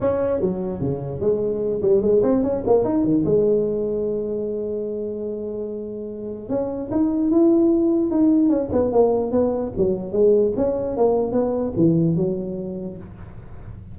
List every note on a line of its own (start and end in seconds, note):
0.00 0.40 C#4
0.40 0.80 F#3
0.80 1.20 C#3
1.20 1.81 G#3
1.82 2.02 G3
2.02 2.22 G#3
2.22 2.43 C4
2.43 2.63 C#4
2.66 2.84 A#3
2.84 3.04 D#4
3.04 3.24 D#3
3.25 6.49 G#3
6.49 6.90 C#4
6.91 7.30 D#4
7.30 8.10 E4
8.10 8.49 D#4
8.49 8.69 C#4
8.72 8.92 B3
8.92 9.31 A#3
9.31 9.72 B3
9.77 10.12 F#3
10.12 10.53 G#3
10.56 10.96 C#4
10.96 11.32 A#3
11.32 11.72 B3
11.76 12.15 E3
12.15 12.97 F#3